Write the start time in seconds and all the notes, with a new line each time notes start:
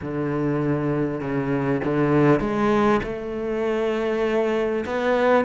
0.01 D3
1.20 C#3
1.84 D3
2.39 G#3
3.03 A3
4.85 B3